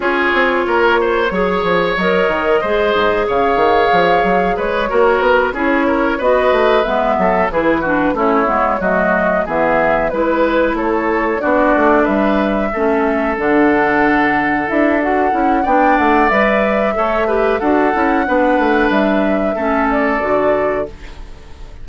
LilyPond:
<<
  \new Staff \with { instrumentName = "flute" } { \time 4/4 \tempo 4 = 92 cis''2. dis''4~ | dis''4 f''2 cis''4 | b'8 cis''4 dis''4 e''4 b'8~ | b'8 cis''4 dis''4 e''4 b'8~ |
b'8 cis''4 d''4 e''4.~ | e''8 fis''2 e''8 fis''4 | g''8 fis''8 e''2 fis''4~ | fis''4 e''4. d''4. | }
  \new Staff \with { instrumentName = "oboe" } { \time 4/4 gis'4 ais'8 c''8 cis''2 | c''4 cis''2 b'8 ais'8~ | ais'8 gis'8 ais'8 b'4. a'8 gis'8 | fis'8 e'4 fis'4 gis'4 b'8~ |
b'8 a'4 fis'4 b'4 a'8~ | a'1 | d''2 cis''8 b'8 a'4 | b'2 a'2 | }
  \new Staff \with { instrumentName = "clarinet" } { \time 4/4 f'2 gis'4 ais'4 | gis'2.~ gis'8 fis'8~ | fis'8 e'4 fis'4 b4 e'8 | d'8 cis'8 b8 a4 b4 e'8~ |
e'4. d'2 cis'8~ | cis'8 d'2 e'8 fis'8 e'8 | d'4 b'4 a'8 g'8 fis'8 e'8 | d'2 cis'4 fis'4 | }
  \new Staff \with { instrumentName = "bassoon" } { \time 4/4 cis'8 c'8 ais4 fis8 f8 fis8 dis8 | gis8 gis,8 cis8 dis8 f8 fis8 gis8 ais8 | b8 cis'4 b8 a8 gis8 fis8 e8~ | e8 a8 gis8 fis4 e4 gis8~ |
gis8 a4 b8 a8 g4 a8~ | a8 d2 d'4 cis'8 | b8 a8 g4 a4 d'8 cis'8 | b8 a8 g4 a4 d4 | }
>>